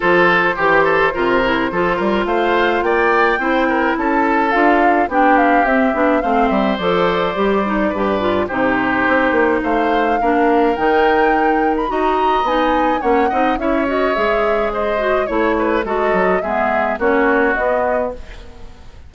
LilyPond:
<<
  \new Staff \with { instrumentName = "flute" } { \time 4/4 \tempo 4 = 106 c''1 | f''4 g''2 a''4 | f''4 g''8 f''8 e''4 f''8 e''8 | d''2. c''4~ |
c''4 f''2 g''4~ | g''8. b''16 ais''4 gis''4 fis''4 | e''8 dis''8 e''4 dis''4 cis''4 | dis''4 e''4 cis''4 dis''4 | }
  \new Staff \with { instrumentName = "oboe" } { \time 4/4 a'4 g'8 a'8 ais'4 a'8 ais'8 | c''4 d''4 c''8 ais'8 a'4~ | a'4 g'2 c''4~ | c''2 b'4 g'4~ |
g'4 c''4 ais'2~ | ais'4 dis''2 cis''8 dis''8 | cis''2 c''4 cis''8 b'8 | a'4 gis'4 fis'2 | }
  \new Staff \with { instrumentName = "clarinet" } { \time 4/4 f'4 g'4 f'8 e'8 f'4~ | f'2 e'2 | f'4 d'4 c'8 d'8 c'4 | a'4 g'8 dis'8 g'8 f'8 dis'4~ |
dis'2 d'4 dis'4~ | dis'4 fis'4 dis'4 cis'8 dis'8 | e'8 fis'8 gis'4. fis'8 e'4 | fis'4 b4 cis'4 b4 | }
  \new Staff \with { instrumentName = "bassoon" } { \time 4/4 f4 e4 c4 f8 g8 | a4 ais4 c'4 cis'4 | d'4 b4 c'8 b8 a8 g8 | f4 g4 g,4 c4 |
c'8 ais8 a4 ais4 dis4~ | dis4 dis'4 b4 ais8 c'8 | cis'4 gis2 a4 | gis8 fis8 gis4 ais4 b4 | }
>>